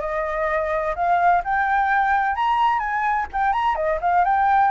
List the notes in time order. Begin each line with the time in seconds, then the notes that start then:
0.00 D#5
0.95 F5
1.44 G5
2.35 A#5
2.79 G#5
3.32 G5
3.52 A#5
3.75 D#5
4.01 F5
4.25 G5